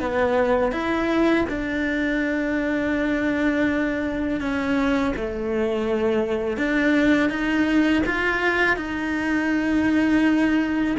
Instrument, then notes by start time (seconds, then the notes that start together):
cello
0.00 B3
0.72 E4
1.49 D4
4.40 C#4
5.17 A3
6.57 D4
7.30 D#4
8.06 F4
8.76 D#4